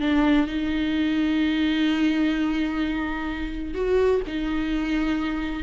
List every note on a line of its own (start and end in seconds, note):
0.00 0.47 D4
0.47 3.74 D#4
3.74 4.21 F#4
4.27 5.63 D#4